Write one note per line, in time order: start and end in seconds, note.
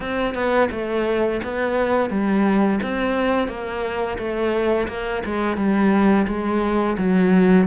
0.00 0.34 C4
0.34 0.69 B3
0.71 1.40 A3
1.43 2.10 B3
2.10 2.79 G3
2.83 3.48 C4
3.48 4.17 A#3
4.18 4.87 A3
4.88 5.23 A#3
5.25 5.57 G#3
5.57 6.26 G3
6.27 6.96 G#3
6.98 7.67 F#3